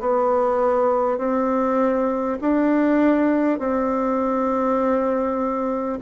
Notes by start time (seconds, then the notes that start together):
0.00 B3
1.17 C4
2.41 D4
3.58 C4